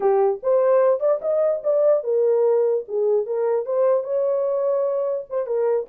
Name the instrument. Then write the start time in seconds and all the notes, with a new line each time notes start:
horn
0.00 G4
0.42 C5
1.00 D5
1.21 D#5
1.63 D5
2.03 A#4
2.88 G#4
3.26 A#4
3.65 C5
4.03 C#5
5.29 C5
5.46 A#4